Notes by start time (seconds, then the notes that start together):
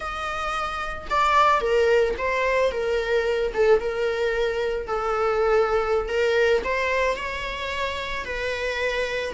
0.00 D#5
1.10 D5
1.60 A#4
2.17 C5
2.71 A#4
3.54 A4
3.80 A#4
4.87 A4
6.08 A#4
6.63 C5
7.16 C#5
8.25 B4